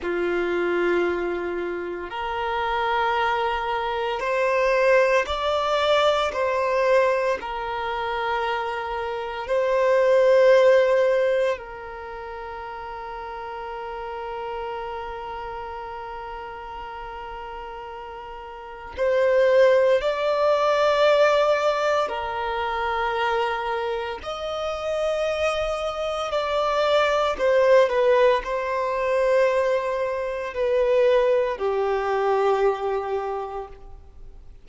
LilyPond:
\new Staff \with { instrumentName = "violin" } { \time 4/4 \tempo 4 = 57 f'2 ais'2 | c''4 d''4 c''4 ais'4~ | ais'4 c''2 ais'4~ | ais'1~ |
ais'2 c''4 d''4~ | d''4 ais'2 dis''4~ | dis''4 d''4 c''8 b'8 c''4~ | c''4 b'4 g'2 | }